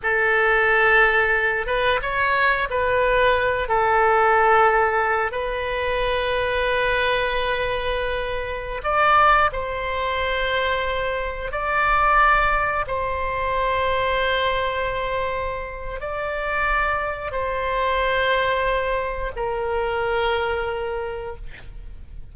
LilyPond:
\new Staff \with { instrumentName = "oboe" } { \time 4/4 \tempo 4 = 90 a'2~ a'8 b'8 cis''4 | b'4. a'2~ a'8 | b'1~ | b'4~ b'16 d''4 c''4.~ c''16~ |
c''4~ c''16 d''2 c''8.~ | c''1 | d''2 c''2~ | c''4 ais'2. | }